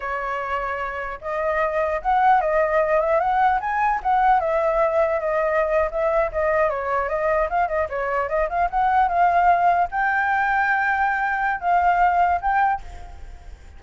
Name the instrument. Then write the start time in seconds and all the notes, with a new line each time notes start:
flute
0.00 C#5
1.21 D#5
2.01 F#5
2.40 D#5
3.00 E5
3.20 F#5
3.60 G#5
4.02 F#5
4.40 E5
5.19 D#5
5.91 E5
6.32 D#5
6.69 C#5
7.08 D#5
7.49 F5
7.68 D#5
7.89 C#5
8.28 D#5
8.49 F5
8.70 F#5
9.08 F5
9.91 G5
11.60 F5
12.41 G5